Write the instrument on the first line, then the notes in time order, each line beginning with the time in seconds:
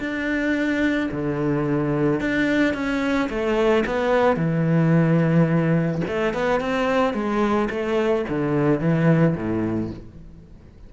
cello
0.00 D4
1.12 D3
2.21 D4
2.74 C#4
3.30 A3
3.86 B3
4.37 E3
6.08 A3
6.34 B3
6.61 C4
7.14 G#3
7.70 A3
8.29 D3
8.80 E3
9.36 A2